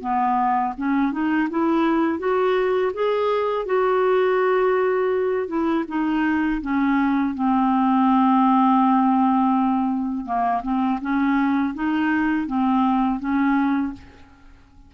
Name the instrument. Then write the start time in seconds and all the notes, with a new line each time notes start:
clarinet
0.00 B3
0.77 C#4
1.12 D#4
1.50 E4
2.19 F#4
2.93 G#4
3.65 F#4
5.47 E4
5.88 D#4
6.62 C#4
7.34 C4
10.25 A#3
10.62 C4
11.01 C#4
11.74 D#4
12.47 C4
13.19 C#4